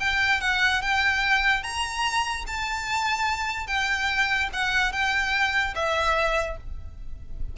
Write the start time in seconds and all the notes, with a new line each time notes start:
0.00 G5
0.41 F#5
0.82 G5
1.63 A#5
2.47 A5
3.67 G5
4.53 F#5
4.92 G5
5.75 E5